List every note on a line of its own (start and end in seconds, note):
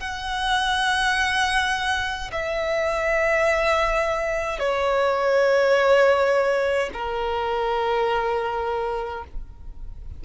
0.00 2.31 F#5
2.32 4.59 E5
4.59 6.90 C#5
6.93 9.24 A#4